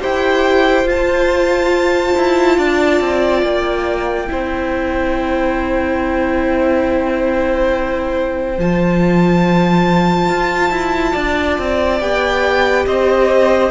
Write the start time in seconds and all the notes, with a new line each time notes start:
0.00 E4 G4 C5 G5
0.84 F4 A5
2.17 E4
2.58 D4 D5
3.01 C4
3.43 A#3 G5
4.27 C4 E4 C5
8.58 F3 F4 A5
10.29 F4
10.71 E4
11.12 D4 D5
11.59 C4
12.01 B3 G4 G5
12.87 C4 C5 D#5